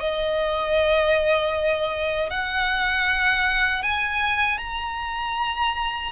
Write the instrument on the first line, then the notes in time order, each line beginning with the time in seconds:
violin
0.00 D#5
2.30 F#5
3.83 G#5
4.58 A#5